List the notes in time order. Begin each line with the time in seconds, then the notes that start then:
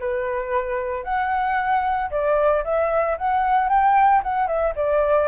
0.00 B4
1.04 F#5
2.11 D5
2.64 E5
3.18 F#5
3.69 G5
4.23 F#5
4.47 E5
4.76 D5